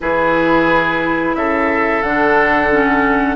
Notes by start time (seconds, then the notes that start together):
0.01 E3 E4 G#4 B4
1.34 C#3 A4 E5
2.02 D3 D4 F#5
2.70 C#4